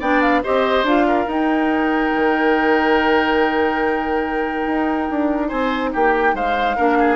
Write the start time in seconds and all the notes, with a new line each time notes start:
0.00 B3 D4 D5 G5
0.22 F5
0.44 C4 G4 C5 D#5
0.84 D4 F4 F5
1.08 A#4
1.27 D#4 G5
2.16 D#3
4.67 D#4
5.11 D4
5.48 C4 C5 G#5
5.93 A#3 G4 G5
6.34 G#3 C5 F5
6.77 A#3 D4 A#4
7.00 G#4